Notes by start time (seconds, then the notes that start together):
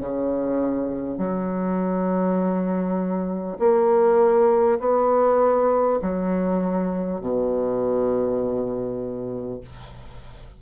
0.00 C#3
1.18 F#3
3.59 A#3
4.79 B3
6.02 F#3
7.21 B2